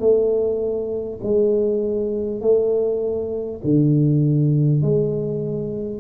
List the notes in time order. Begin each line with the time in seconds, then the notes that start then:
0.00 A3
1.23 G#3
2.42 A3
3.64 D3
4.82 G#3